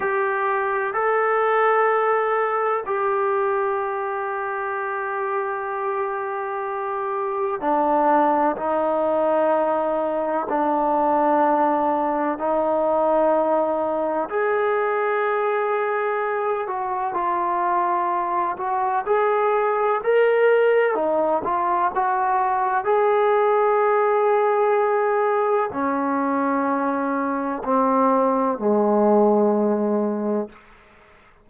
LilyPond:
\new Staff \with { instrumentName = "trombone" } { \time 4/4 \tempo 4 = 63 g'4 a'2 g'4~ | g'1 | d'4 dis'2 d'4~ | d'4 dis'2 gis'4~ |
gis'4. fis'8 f'4. fis'8 | gis'4 ais'4 dis'8 f'8 fis'4 | gis'2. cis'4~ | cis'4 c'4 gis2 | }